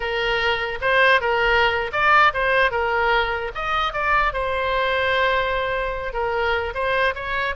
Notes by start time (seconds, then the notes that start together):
0.00 A#4
0.81 C5
1.20 A#4
1.92 D5
2.33 C5
2.71 A#4
3.55 D#5
3.93 D5
4.33 C5
6.13 A#4
6.74 C5
7.14 C#5